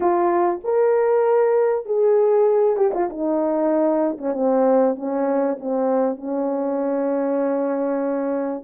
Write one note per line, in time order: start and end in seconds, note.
0.00 0.60 F4
0.64 1.85 A#4
1.85 2.76 G#4
2.76 2.91 G4
2.94 3.09 F4
3.09 4.18 D#4
4.18 4.33 C#4
4.33 4.95 C4
4.95 5.57 C#4
5.59 6.16 C4
6.16 8.63 C#4